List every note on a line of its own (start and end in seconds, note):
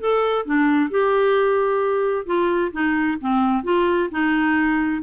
0.00 0.46 A4
0.46 0.91 D4
0.91 2.26 G4
2.26 2.72 F4
2.73 3.18 D#4
3.21 3.64 C4
3.64 4.10 F4
4.11 5.03 D#4